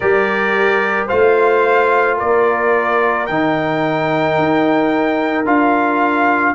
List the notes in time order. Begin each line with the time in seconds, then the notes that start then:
0.00 G3 G4 A#4 D5
1.06 A3 F4 C5 F5
2.17 A#3 A#4 D5
3.26 D#3 D#4 G5
4.37 D#4
5.45 D4 F4 F5